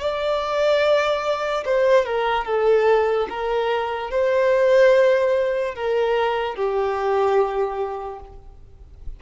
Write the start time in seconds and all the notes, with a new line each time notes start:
0.00 D5
1.66 C5
2.05 A#4
2.45 A4
3.29 A#4
4.11 C5
5.75 A#4
6.55 G4